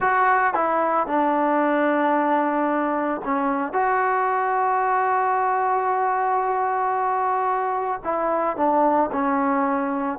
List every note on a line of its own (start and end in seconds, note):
0.00 0.54 F#4
0.54 1.06 E4
1.06 3.21 D4
3.24 3.72 C#4
3.72 8.01 F#4
8.04 8.57 E4
8.57 9.10 D4
9.11 10.19 C#4